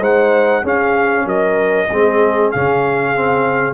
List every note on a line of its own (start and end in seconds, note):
0.00 0.62 G#3
0.00 0.64 D#4
0.00 0.62 C5
0.00 0.66 F#5
0.62 1.25 C#4
0.62 1.89 C#4
0.62 1.25 G#4
0.62 1.28 F5
1.25 1.88 F#3
1.25 1.89 A#4
1.25 2.51 D#5
1.89 2.53 G#3
1.89 2.54 C4
1.89 3.73 G#4
2.51 3.73 C#3
2.51 3.15 C#4
2.51 3.73 F5
3.15 3.73 C4